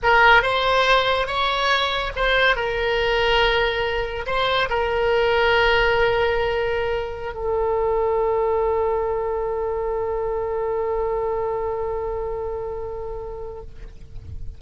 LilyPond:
\new Staff \with { instrumentName = "oboe" } { \time 4/4 \tempo 4 = 141 ais'4 c''2 cis''4~ | cis''4 c''4 ais'2~ | ais'2 c''4 ais'4~ | ais'1~ |
ais'4~ ais'16 a'2~ a'8.~ | a'1~ | a'1~ | a'1 | }